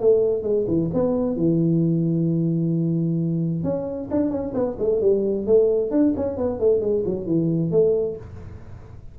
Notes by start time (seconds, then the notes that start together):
0.00 A3
0.43 G#3
0.68 E3
0.94 B3
1.37 E3
3.64 C#4
4.11 D4
4.31 C#4
4.54 B3
4.79 A3
5.01 G3
5.46 A3
5.91 D4
6.17 C#4
6.37 B3
6.60 A3
6.81 G#3
7.05 F#3
7.26 E3
7.71 A3